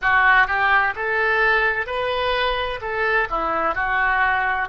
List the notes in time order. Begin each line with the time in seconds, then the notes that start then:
0.01 F#4
0.47 G4
0.95 A4
1.86 B4
2.81 A4
3.30 E4
3.75 F#4